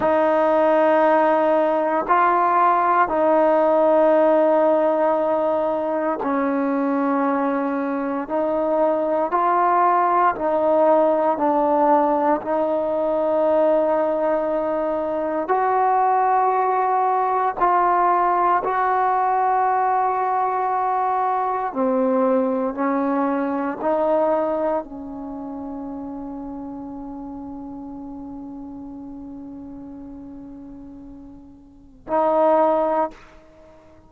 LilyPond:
\new Staff \with { instrumentName = "trombone" } { \time 4/4 \tempo 4 = 58 dis'2 f'4 dis'4~ | dis'2 cis'2 | dis'4 f'4 dis'4 d'4 | dis'2. fis'4~ |
fis'4 f'4 fis'2~ | fis'4 c'4 cis'4 dis'4 | cis'1~ | cis'2. dis'4 | }